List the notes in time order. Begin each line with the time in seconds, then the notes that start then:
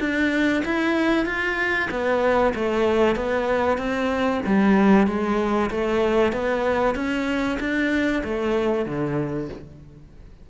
0.00 D4
0.65 E4
1.26 F4
1.91 B3
2.55 A3
3.16 B3
3.78 C4
4.46 G3
5.07 G#3
5.70 A3
6.33 B3
6.95 C#4
7.60 D4
8.24 A3
8.86 D3